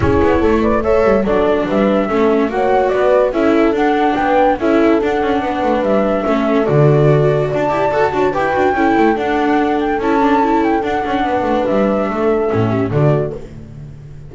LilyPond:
<<
  \new Staff \with { instrumentName = "flute" } { \time 4/4 \tempo 4 = 144 cis''4. d''8 e''4 d''4 | e''2 fis''4 d''4 | e''4 fis''4 g''4 e''4 | fis''2 e''2 |
d''2 a''2 | g''2 fis''4. g''8 | a''4. g''8 fis''2 | e''2. d''4 | }
  \new Staff \with { instrumentName = "horn" } { \time 4/4 gis'4 a'8 b'8 cis''4 a'4 | b'4 a'4 cis''4 b'4 | a'2 b'4 a'4~ | a'4 b'2 a'4~ |
a'2 d''4. cis''8 | b'4 a'2.~ | a'2. b'4~ | b'4 a'4. g'8 fis'4 | }
  \new Staff \with { instrumentName = "viola" } { \time 4/4 e'2 a'4 d'4~ | d'4 cis'4 fis'2 | e'4 d'2 e'4 | d'2. cis'4 |
fis'2~ fis'8 g'8 a'8 fis'8 | g'8 fis'8 e'4 d'2 | e'8 d'8 e'4 d'2~ | d'2 cis'4 a4 | }
  \new Staff \with { instrumentName = "double bass" } { \time 4/4 cis'8 b8 a4. g8 fis4 | g4 a4 ais4 b4 | cis'4 d'4 b4 cis'4 | d'8 cis'8 b8 a8 g4 a4 |
d2 d'8 e'8 fis'8 d'8 | e'8 d'8 cis'8 a8 d'2 | cis'2 d'8 cis'8 b8 a8 | g4 a4 a,4 d4 | }
>>